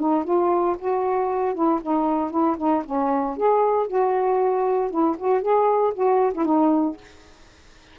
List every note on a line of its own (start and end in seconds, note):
0.00 0.25 D#4
0.25 0.76 F4
0.79 1.55 F#4
1.55 1.81 E4
1.82 2.31 D#4
2.31 2.57 E4
2.58 2.84 D#4
2.85 3.37 C#4
3.37 3.88 G#4
3.88 4.91 F#4
4.91 5.17 E4
5.19 5.42 F#4
5.42 5.94 G#4
5.94 6.33 F#4
6.34 6.45 E4
6.45 6.97 D#4